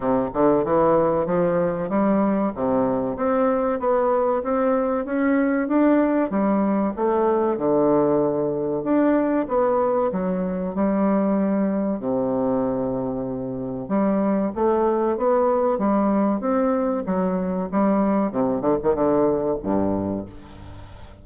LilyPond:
\new Staff \with { instrumentName = "bassoon" } { \time 4/4 \tempo 4 = 95 c8 d8 e4 f4 g4 | c4 c'4 b4 c'4 | cis'4 d'4 g4 a4 | d2 d'4 b4 |
fis4 g2 c4~ | c2 g4 a4 | b4 g4 c'4 fis4 | g4 c8 d16 dis16 d4 g,4 | }